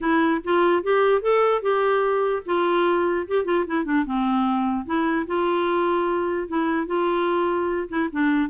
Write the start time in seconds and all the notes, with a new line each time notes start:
0.01 E4
0.44 F4
0.83 G4
1.21 A4
1.61 G4
2.45 F4
3.27 G4
3.44 F4
3.67 E4
3.85 D4
4.05 C4
4.85 E4
5.26 F4
6.48 E4
6.87 F4
7.89 E4
8.12 D4